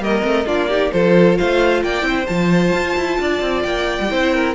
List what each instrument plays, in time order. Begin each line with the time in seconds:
0.00 cello G3, viola A#3, violin A#4 D#5
0.22 cello A3, viola C4
0.46 cello A#3, viola D4, violin F4 D5
0.69 viola D#4, violin G4
0.92 cello F3, viola F4, violin A4 C5
1.38 cello A3, violin C5 F5
1.83 cello A#3, violin D5 G5
2.02 cello C4, viola E4, violin C5
2.27 cello F3, viola F4, violin A5
2.73 cello F4
2.96 cello E4
3.20 cello D4, violin D5
3.41 cello C4
3.63 cello A#3, violin G5
4.00 cello G3
4.09 cello C4, viola E4, violin C5
4.34 violin A#4